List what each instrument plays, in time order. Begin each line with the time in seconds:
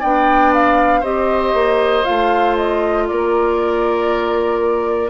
0.00 bassoon B3, clarinet D4, oboe D5, flute G5
0.54 flute F5
1.01 bassoon C4, clarinet G4, oboe C5, flute D#5
1.54 bassoon A#3
2.04 bassoon A3, clarinet F4, flute F5
2.57 flute D#5
3.08 bassoon A#3, oboe A#4, flute D5